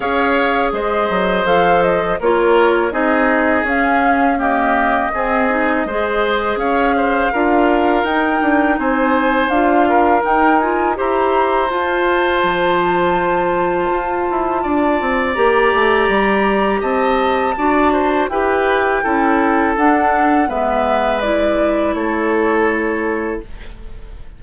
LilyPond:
<<
  \new Staff \with { instrumentName = "flute" } { \time 4/4 \tempo 4 = 82 f''4 dis''4 f''8 dis''8 cis''4 | dis''4 f''4 dis''2~ | dis''4 f''2 g''4 | gis''4 f''4 g''8 gis''8 ais''4 |
a''1~ | a''4 ais''2 a''4~ | a''4 g''2 fis''4 | e''4 d''4 cis''2 | }
  \new Staff \with { instrumentName = "oboe" } { \time 4/4 cis''4 c''2 ais'4 | gis'2 g'4 gis'4 | c''4 cis''8 c''8 ais'2 | c''4. ais'4. c''4~ |
c''1 | d''2. dis''4 | d''8 c''8 b'4 a'2 | b'2 a'2 | }
  \new Staff \with { instrumentName = "clarinet" } { \time 4/4 gis'2 a'4 f'4 | dis'4 cis'4 ais4 c'8 dis'8 | gis'2 f'4 dis'4~ | dis'4 f'4 dis'8 f'8 g'4 |
f'1~ | f'4 g'2. | fis'4 g'4 e'4 d'4 | b4 e'2. | }
  \new Staff \with { instrumentName = "bassoon" } { \time 4/4 cis'4 gis8 fis8 f4 ais4 | c'4 cis'2 c'4 | gis4 cis'4 d'4 dis'8 d'8 | c'4 d'4 dis'4 e'4 |
f'4 f2 f'8 e'8 | d'8 c'8 ais8 a8 g4 c'4 | d'4 e'4 cis'4 d'4 | gis2 a2 | }
>>